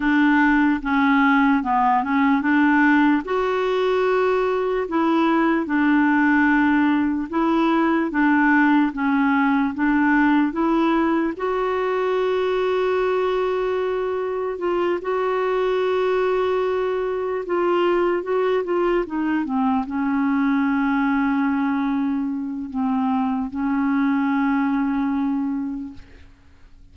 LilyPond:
\new Staff \with { instrumentName = "clarinet" } { \time 4/4 \tempo 4 = 74 d'4 cis'4 b8 cis'8 d'4 | fis'2 e'4 d'4~ | d'4 e'4 d'4 cis'4 | d'4 e'4 fis'2~ |
fis'2 f'8 fis'4.~ | fis'4. f'4 fis'8 f'8 dis'8 | c'8 cis'2.~ cis'8 | c'4 cis'2. | }